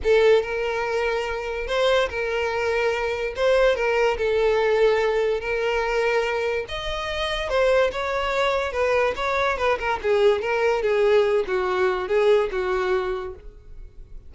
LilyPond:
\new Staff \with { instrumentName = "violin" } { \time 4/4 \tempo 4 = 144 a'4 ais'2. | c''4 ais'2. | c''4 ais'4 a'2~ | a'4 ais'2. |
dis''2 c''4 cis''4~ | cis''4 b'4 cis''4 b'8 ais'8 | gis'4 ais'4 gis'4. fis'8~ | fis'4 gis'4 fis'2 | }